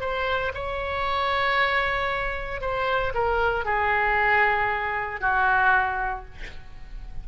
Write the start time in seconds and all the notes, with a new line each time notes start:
0.00 C5
0.54 C#5
2.61 C5
3.14 A#4
3.65 G#4
5.20 F#4